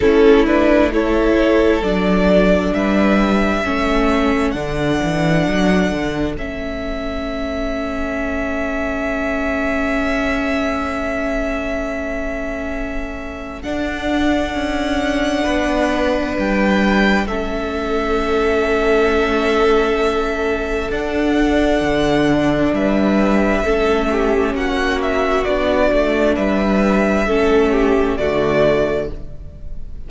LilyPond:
<<
  \new Staff \with { instrumentName = "violin" } { \time 4/4 \tempo 4 = 66 a'8 b'8 cis''4 d''4 e''4~ | e''4 fis''2 e''4~ | e''1~ | e''2. fis''4~ |
fis''2 g''4 e''4~ | e''2. fis''4~ | fis''4 e''2 fis''8 e''8 | d''4 e''2 d''4 | }
  \new Staff \with { instrumentName = "violin" } { \time 4/4 e'4 a'2 b'4 | a'1~ | a'1~ | a'1~ |
a'4 b'2 a'4~ | a'1~ | a'4 b'4 a'8 g'8 fis'4~ | fis'4 b'4 a'8 g'8 fis'4 | }
  \new Staff \with { instrumentName = "viola" } { \time 4/4 cis'8 d'8 e'4 d'2 | cis'4 d'2 cis'4~ | cis'1~ | cis'2. d'4~ |
d'2. cis'4~ | cis'2. d'4~ | d'2 cis'2 | d'2 cis'4 a4 | }
  \new Staff \with { instrumentName = "cello" } { \time 4/4 a2 fis4 g4 | a4 d8 e8 fis8 d8 a4~ | a1~ | a2. d'4 |
cis'4 b4 g4 a4~ | a2. d'4 | d4 g4 a4 ais4 | b8 a8 g4 a4 d4 | }
>>